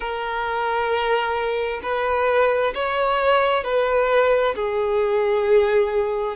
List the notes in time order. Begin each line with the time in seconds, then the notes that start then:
0.00 A#4
1.82 B4
2.74 C#5
3.64 B4
4.55 G#4